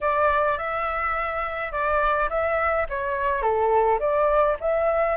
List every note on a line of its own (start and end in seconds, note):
0.01 0.58 D5
0.58 1.72 E5
1.72 2.29 D5
2.29 2.86 E5
2.89 3.42 C#5
3.42 3.99 A4
3.99 4.56 D5
4.60 5.16 E5